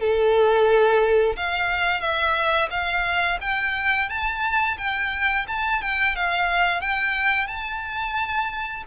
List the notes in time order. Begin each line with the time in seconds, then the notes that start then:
0.00 A4
1.37 F5
2.01 E5
2.71 F5
3.41 G5
4.09 A5
4.78 G5
5.48 A5
5.82 G5
6.16 F5
6.81 G5
7.48 A5